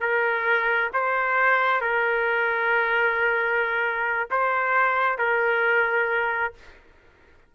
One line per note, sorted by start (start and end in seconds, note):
0.00 0.90 A#4
0.93 1.81 C5
1.81 4.29 A#4
4.30 5.18 C5
5.18 6.54 A#4